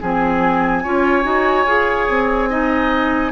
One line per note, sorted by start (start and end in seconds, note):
0.00 0.84 F3
0.00 0.84 C4
0.00 0.83 G#4
0.00 3.31 G#5
0.83 1.24 C#4
0.83 1.22 F4
0.83 2.49 C#5
1.22 1.65 D#4
1.22 1.64 F#4
1.65 2.07 F4
1.65 2.49 G#4
2.08 3.31 C4
2.49 3.31 D#4
2.49 3.31 D#5